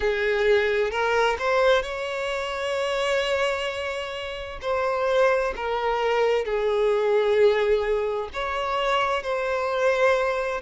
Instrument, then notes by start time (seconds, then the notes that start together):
violin
0.00 G#4
0.90 A#4
1.38 C5
1.82 C#5
4.61 C5
5.56 A#4
6.44 G#4
8.33 C#5
9.22 C5